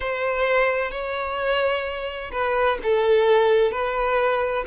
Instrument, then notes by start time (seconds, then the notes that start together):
violin
0.00 C5
0.91 C#5
2.32 B4
2.83 A4
3.71 B4